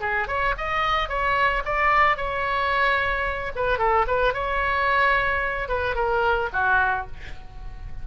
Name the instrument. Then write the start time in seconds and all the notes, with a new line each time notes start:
oboe
0.00 G#4
0.27 C#5
0.57 D#5
1.08 C#5
1.65 D5
2.16 C#5
3.55 B4
3.78 A4
4.07 B4
4.33 C#5
5.68 B4
5.95 A#4
6.52 F#4